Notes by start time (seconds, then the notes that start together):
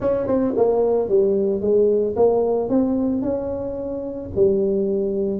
0.00 C#4
0.27 C4
0.57 A#3
1.08 G3
1.61 G#3
2.16 A#3
2.69 C4
3.22 C#4
4.35 G3